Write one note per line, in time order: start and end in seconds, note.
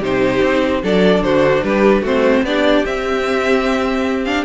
0.00 0.42 C3
0.00 0.83 D#4
0.00 0.81 G4
0.00 0.85 C5
0.43 0.83 C4
0.83 1.21 F#3
0.83 2.04 D4
0.83 1.24 A4
0.83 1.24 D5
1.21 1.62 D3
1.21 1.65 F#4
1.21 1.64 C5
1.64 2.02 G3
1.64 2.03 G4
1.64 2.04 B4
2.02 2.42 A3
2.02 2.46 C4
2.02 2.43 F#4
2.02 2.46 C5
2.43 2.83 B3
2.43 2.86 D4
2.43 4.46 G4
2.43 2.86 D5
2.86 4.26 C4
2.86 4.46 C4
2.86 4.25 E5
4.25 4.46 D4
4.25 4.45 F5